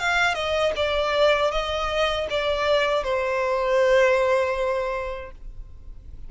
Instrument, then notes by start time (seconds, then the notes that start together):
violin
0.00 F5
0.35 D#5
0.77 D5
1.52 D#5
2.30 D5
3.04 C5